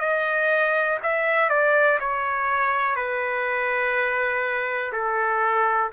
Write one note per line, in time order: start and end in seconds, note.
0.00 0.98 D#5
1.03 1.49 E5
1.49 1.99 D5
2.00 2.96 C#5
2.96 4.92 B4
4.93 5.91 A4